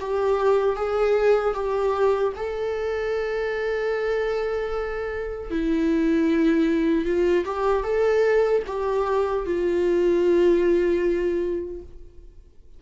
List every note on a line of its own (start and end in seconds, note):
0.00 0.76 G4
0.76 1.54 G#4
1.54 2.33 G4
2.36 5.50 A4
5.50 7.05 E4
7.05 7.45 F4
7.45 7.83 G4
7.83 8.62 A4
8.66 9.45 G4
9.46 11.82 F4